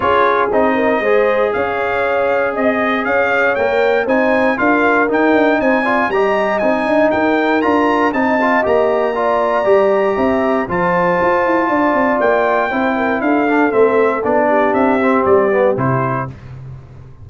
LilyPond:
<<
  \new Staff \with { instrumentName = "trumpet" } { \time 4/4 \tempo 4 = 118 cis''4 dis''2 f''4~ | f''4 dis''4 f''4 g''4 | gis''4 f''4 g''4 gis''4 | ais''4 gis''4 g''4 ais''4 |
a''4 ais''2.~ | ais''4 a''2. | g''2 f''4 e''4 | d''4 e''4 d''4 c''4 | }
  \new Staff \with { instrumentName = "horn" } { \time 4/4 gis'4. ais'8 c''4 cis''4~ | cis''4 dis''4 cis''2 | c''4 ais'2 c''8 d''8 | dis''2 ais'2 |
dis''2 d''2 | e''4 c''2 d''4~ | d''4 c''8 ais'8 a'2~ | a'8 g'2.~ g'8 | }
  \new Staff \with { instrumentName = "trombone" } { \time 4/4 f'4 dis'4 gis'2~ | gis'2. ais'4 | dis'4 f'4 dis'4. f'8 | g'4 dis'2 f'4 |
dis'8 f'8 g'4 f'4 g'4~ | g'4 f'2.~ | f'4 e'4. d'8 c'4 | d'4. c'4 b8 e'4 | }
  \new Staff \with { instrumentName = "tuba" } { \time 4/4 cis'4 c'4 gis4 cis'4~ | cis'4 c'4 cis'4 ais4 | c'4 d'4 dis'8 d'8 c'4 | g4 c'8 d'8 dis'4 d'4 |
c'4 ais2 g4 | c'4 f4 f'8 e'8 d'8 c'8 | ais4 c'4 d'4 a4 | b4 c'4 g4 c4 | }
>>